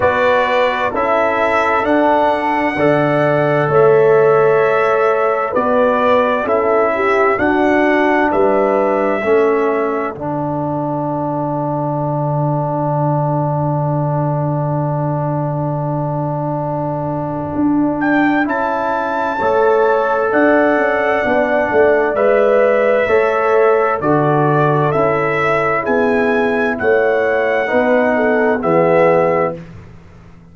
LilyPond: <<
  \new Staff \with { instrumentName = "trumpet" } { \time 4/4 \tempo 4 = 65 d''4 e''4 fis''2 | e''2 d''4 e''4 | fis''4 e''2 fis''4~ | fis''1~ |
fis''2.~ fis''8 g''8 | a''2 fis''2 | e''2 d''4 e''4 | gis''4 fis''2 e''4 | }
  \new Staff \with { instrumentName = "horn" } { \time 4/4 b'4 a'2 d''4 | cis''2 b'4 a'8 g'8 | fis'4 b'4 a'2~ | a'1~ |
a'1~ | a'4 cis''4 d''2~ | d''4 cis''4 a'2 | gis'4 cis''4 b'8 a'8 gis'4 | }
  \new Staff \with { instrumentName = "trombone" } { \time 4/4 fis'4 e'4 d'4 a'4~ | a'2 fis'4 e'4 | d'2 cis'4 d'4~ | d'1~ |
d'1 | e'4 a'2 d'4 | b'4 a'4 fis'4 e'4~ | e'2 dis'4 b4 | }
  \new Staff \with { instrumentName = "tuba" } { \time 4/4 b4 cis'4 d'4 d4 | a2 b4 cis'4 | d'4 g4 a4 d4~ | d1~ |
d2. d'4 | cis'4 a4 d'8 cis'8 b8 a8 | gis4 a4 d4 cis'4 | b4 a4 b4 e4 | }
>>